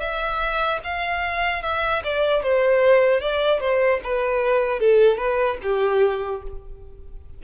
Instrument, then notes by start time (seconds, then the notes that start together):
violin
0.00 E5
0.84 F5
1.63 E5
2.04 D5
2.43 C5
3.21 D5
3.60 C5
4.04 B4
4.80 A4
5.17 B4
5.63 G4